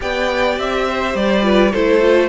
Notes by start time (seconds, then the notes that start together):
0.00 B3 G4 D5 G5
0.58 C4 E5
0.88 C5
1.15 G3 D5
1.42 F4 B4
1.71 A3 E4 A4 C5
2.01 F4